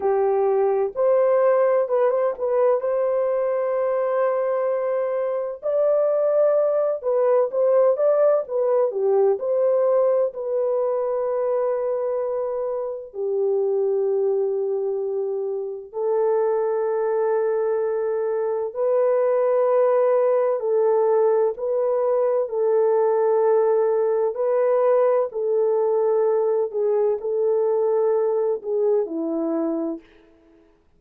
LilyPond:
\new Staff \with { instrumentName = "horn" } { \time 4/4 \tempo 4 = 64 g'4 c''4 b'16 c''16 b'8 c''4~ | c''2 d''4. b'8 | c''8 d''8 b'8 g'8 c''4 b'4~ | b'2 g'2~ |
g'4 a'2. | b'2 a'4 b'4 | a'2 b'4 a'4~ | a'8 gis'8 a'4. gis'8 e'4 | }